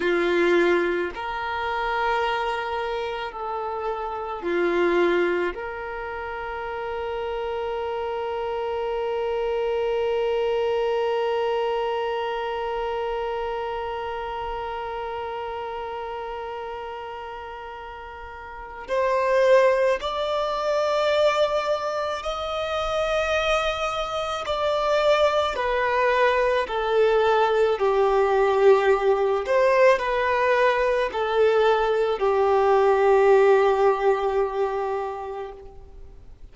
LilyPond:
\new Staff \with { instrumentName = "violin" } { \time 4/4 \tempo 4 = 54 f'4 ais'2 a'4 | f'4 ais'2.~ | ais'1~ | ais'1~ |
ais'4 c''4 d''2 | dis''2 d''4 b'4 | a'4 g'4. c''8 b'4 | a'4 g'2. | }